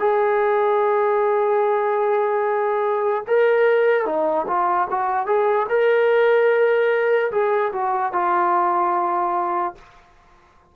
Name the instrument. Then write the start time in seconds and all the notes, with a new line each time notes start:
trombone
0.00 G#4
3.28 A#4
4.06 D#4
4.48 F4
4.91 F#4
5.27 G#4
5.69 A#4
7.32 G#4
7.73 F#4
8.13 F4